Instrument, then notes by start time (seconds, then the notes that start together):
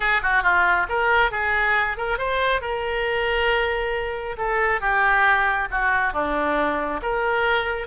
oboe
0.00 G#4
0.22 F#4
0.42 F4
0.88 A#4
1.31 G#4
1.97 A#4
2.18 C5
2.61 A#4
4.37 A4
4.80 G4
5.70 F#4
6.13 D4
7.02 A#4